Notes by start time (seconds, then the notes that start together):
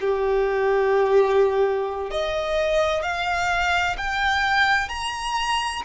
0.00 G4
2.10 D#5
3.02 F5
3.97 G5
4.88 A#5